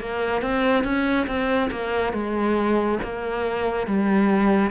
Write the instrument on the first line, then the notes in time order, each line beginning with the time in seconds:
cello
0.00 A#3
0.42 C4
0.84 C#4
1.27 C4
1.71 A#3
2.13 G#3
3.03 A#3
3.87 G3